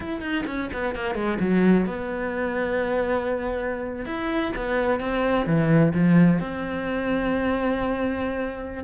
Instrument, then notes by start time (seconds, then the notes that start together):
cello
0.00 E4
0.21 D#4
0.46 C#4
0.73 B3
0.95 A#3
1.14 G#3
1.40 F#3
1.86 B3
4.05 E4
4.56 B3
5.00 C4
5.46 E3
5.94 F3
6.40 C4